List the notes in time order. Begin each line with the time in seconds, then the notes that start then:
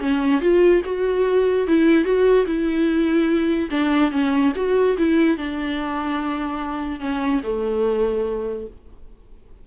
0.00 C#4
0.41 F4
0.85 F#4
1.67 E4
2.04 F#4
2.46 E4
3.71 D4
4.11 C#4
4.56 F#4
4.98 E4
5.37 D4
7.00 C#4
7.43 A3